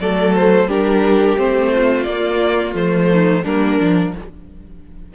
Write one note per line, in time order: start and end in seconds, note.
0.00 0.66 F#3
0.00 0.69 A3
0.00 0.69 A4
0.00 0.34 D5
0.35 0.70 C5
0.66 1.35 G3
0.66 1.37 D4
0.66 1.72 G4
0.66 1.38 A#4
1.37 2.06 A3
1.37 2.06 C4
1.37 2.04 C5
1.72 3.10 F4
2.04 2.74 A#3
2.04 2.75 A#3
2.04 2.73 D5
2.74 3.43 F3
2.74 3.44 A3
2.74 3.45 C5
3.12 3.43 D#4
3.43 3.79 G3
3.43 3.79 A#3
3.43 4.12 D4
3.43 4.14 A#4
3.79 4.15 F3
3.79 4.14 D4